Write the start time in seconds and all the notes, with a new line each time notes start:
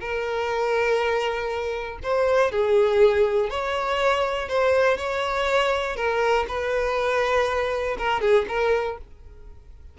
0.00 A#4
2.03 C5
2.51 G#4
3.50 C#5
4.48 C5
4.97 C#5
5.96 A#4
6.48 B4
7.98 A#4
8.21 G#4
8.48 A#4